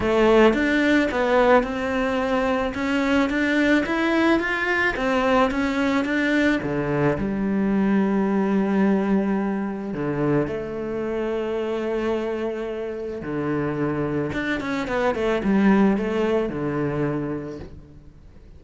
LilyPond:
\new Staff \with { instrumentName = "cello" } { \time 4/4 \tempo 4 = 109 a4 d'4 b4 c'4~ | c'4 cis'4 d'4 e'4 | f'4 c'4 cis'4 d'4 | d4 g2.~ |
g2 d4 a4~ | a1 | d2 d'8 cis'8 b8 a8 | g4 a4 d2 | }